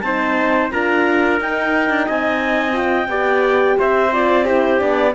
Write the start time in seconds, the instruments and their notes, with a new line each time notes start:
0.00 cello C4, horn D#4, trumpet C5, clarinet A5
0.71 cello D4, horn F4, trumpet A#4, clarinet A#5
1.40 horn D#4, cello D#4, clarinet G5
1.89 cello D4
2.06 cello C4, trumpet D#5, clarinet G#5
2.72 horn F4, clarinet G5
3.08 cello B3, horn G4, trumpet D5
3.78 cello C4, trumpet C5, clarinet E5
4.12 horn F4, clarinet D5
4.45 horn E4, trumpet G4, clarinet C5
4.79 cello B3, horn D4, clarinet D5